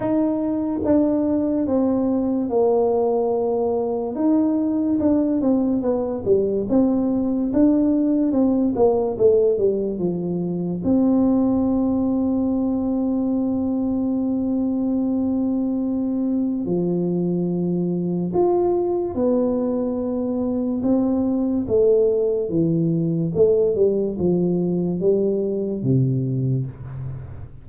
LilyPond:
\new Staff \with { instrumentName = "tuba" } { \time 4/4 \tempo 4 = 72 dis'4 d'4 c'4 ais4~ | ais4 dis'4 d'8 c'8 b8 g8 | c'4 d'4 c'8 ais8 a8 g8 | f4 c'2.~ |
c'1 | f2 f'4 b4~ | b4 c'4 a4 e4 | a8 g8 f4 g4 c4 | }